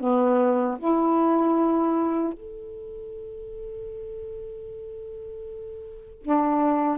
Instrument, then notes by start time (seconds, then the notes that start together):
saxophone
0.00 B3
0.79 E4
2.34 A4
6.22 D4